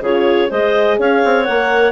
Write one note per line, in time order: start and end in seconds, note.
0.00 0.48 C#3
0.00 0.49 F4
0.00 0.48 G#4
0.00 0.50 C#5
0.48 0.98 G#3
0.48 1.45 G#4
0.48 0.96 C5
0.48 0.98 D#5
0.98 1.22 C#4
0.98 1.92 C#5
0.98 1.44 F5
1.24 1.48 C4
1.44 1.92 A#3
1.44 1.92 A#4
1.44 1.92 F#5